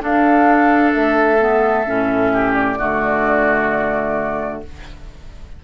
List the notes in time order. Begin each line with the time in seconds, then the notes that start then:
0.00 D4 A4 F5
0.92 A3 E5
1.39 B3
1.86 A2 C#4
2.33 G4
2.53 D5
2.78 D3 A3 F#4